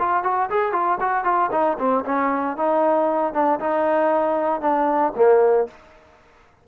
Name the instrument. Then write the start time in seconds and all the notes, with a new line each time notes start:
trombone
0.00 F4
0.24 F#4
0.50 G#4
0.73 F4
1.01 F#4
1.25 F4
1.52 D#4
1.79 C4
2.05 C#4
2.57 D#4
3.34 D4
3.60 D#4
4.62 D4
5.16 A#3